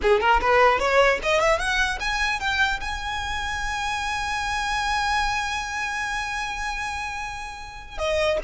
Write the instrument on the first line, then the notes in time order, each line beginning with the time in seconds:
violin
0.02 G#4
0.20 A#4
0.40 B4
0.79 C#5
1.22 D#5
1.40 E5
1.59 F#5
2.00 G#5
2.39 G5
2.80 G#5
7.97 D#5